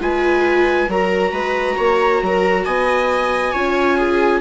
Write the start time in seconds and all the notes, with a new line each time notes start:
0.00 G#3 F4 B4 G#5
0.88 F#3 F#4 A#4 A#5
1.32 G#3 B4
1.77 A#3 C#5
2.22 F#3 A#4
2.65 B3 D#5 G#5
3.53 C#4 F4 C#5
3.97 G#4